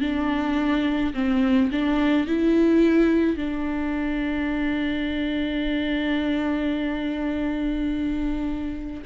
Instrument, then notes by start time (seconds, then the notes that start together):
viola
0.00 D4
1.14 C4
1.72 D4
2.27 E4
3.37 D4